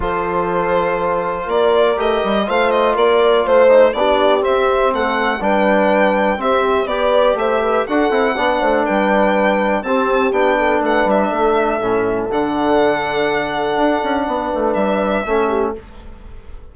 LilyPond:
<<
  \new Staff \with { instrumentName = "violin" } { \time 4/4 \tempo 4 = 122 c''2. d''4 | dis''4 f''8 dis''8 d''4 c''4 | d''4 e''4 fis''4 g''4~ | g''4 e''4 d''4 e''4 |
fis''2 g''2 | a''4 g''4 fis''8 e''4.~ | e''4 fis''2.~ | fis''2 e''2 | }
  \new Staff \with { instrumentName = "horn" } { \time 4/4 a'2. ais'4~ | ais'4 c''4 ais'4 c''4 | g'2 a'4 b'4~ | b'4 g'4 b'4 c''8 b'8 |
a'4 d''8 c''8 b'2 | g'4. a'8 b'4 a'4~ | a'1~ | a'4 b'2 a'8 g'8 | }
  \new Staff \with { instrumentName = "trombone" } { \time 4/4 f'1 | g'4 f'2~ f'8 dis'8 | d'4 c'2 d'4~ | d'4 c'4 g'2 |
fis'8 e'8 d'2. | c'4 d'2. | cis'4 d'2.~ | d'2. cis'4 | }
  \new Staff \with { instrumentName = "bassoon" } { \time 4/4 f2. ais4 | a8 g8 a4 ais4 a4 | b4 c'4 a4 g4~ | g4 c'4 b4 a4 |
d'8 c'8 b8 a8 g2 | c'4 b4 a8 g8 a4 | a,4 d2. | d'8 cis'8 b8 a8 g4 a4 | }
>>